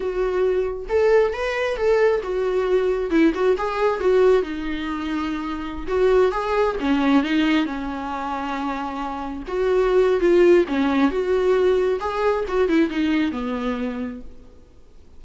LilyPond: \new Staff \with { instrumentName = "viola" } { \time 4/4 \tempo 4 = 135 fis'2 a'4 b'4 | a'4 fis'2 e'8 fis'8 | gis'4 fis'4 dis'2~ | dis'4~ dis'16 fis'4 gis'4 cis'8.~ |
cis'16 dis'4 cis'2~ cis'8.~ | cis'4~ cis'16 fis'4.~ fis'16 f'4 | cis'4 fis'2 gis'4 | fis'8 e'8 dis'4 b2 | }